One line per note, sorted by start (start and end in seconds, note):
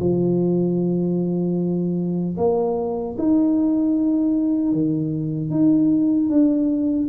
0.00 2.37 F3
2.38 3.17 A#3
3.19 4.73 D#4
4.73 5.50 D#3
5.50 6.29 D#4
6.30 7.09 D4